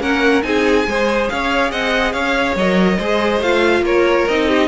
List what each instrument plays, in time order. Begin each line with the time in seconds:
0.00 cello A#3, viola C#4, violin A#4 F#5
0.42 cello C4, viola D#4, violin G#4 G#5
0.87 cello G#3, viola G#4, violin C5
1.29 cello C#4, violin C#5 F5
1.71 cello C4, violin D#5 F#5
2.12 cello C#4, violin C#5 F5
2.55 cello F#3, viola A#4, violin D#5
2.98 cello G#3, viola G#4, violin C5
3.40 cello A3, viola F4, violin F5
3.81 cello A#3, violin A#4 C#5
4.28 cello C4, viola D#4, violin D#5
4.48 violin G4